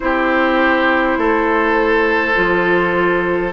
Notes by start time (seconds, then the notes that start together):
0.00 C4 E4 G4 C5
1.17 A3 A4
2.35 F3 F4